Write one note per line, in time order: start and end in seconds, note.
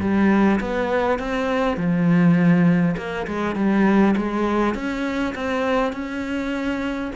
0.00 0.59 G3
0.60 1.19 B3
1.19 1.77 C4
1.77 2.96 F3
2.97 3.26 A#3
3.27 3.55 G#3
3.55 4.14 G3
4.16 4.74 G#3
4.74 5.34 C#4
5.35 5.92 C4
5.92 7.11 C#4